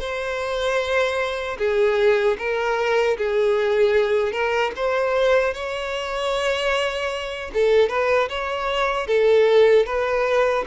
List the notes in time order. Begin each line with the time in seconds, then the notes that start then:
0.00 C5
1.59 G#4
2.39 A#4
3.18 G#4
4.32 A#4
4.76 C5
5.54 C#5
7.54 A4
7.89 B4
8.30 C#5
9.08 A4
9.86 B4